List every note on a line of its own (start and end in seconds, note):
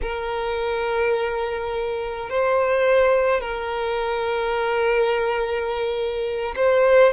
0.01 2.29 A#4
2.29 3.40 C5
3.40 6.55 A#4
6.56 7.13 C5